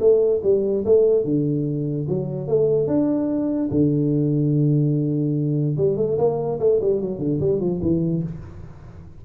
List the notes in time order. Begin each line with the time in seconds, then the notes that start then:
0.00 A3
0.43 G3
0.85 A3
1.24 D3
2.08 F#3
2.47 A3
2.87 D4
3.70 D3
5.77 G3
5.97 A3
6.18 A#3
6.59 A3
6.81 G3
7.01 F#3
7.19 D3
7.40 G3
7.60 F3
7.82 E3